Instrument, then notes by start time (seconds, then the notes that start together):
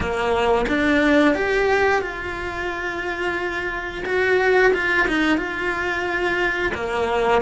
cello
0.00 A#3
0.68 D4
1.35 G4
2.01 F4
4.05 F#4
4.73 F4
5.07 D#4
5.37 F4
6.74 A#3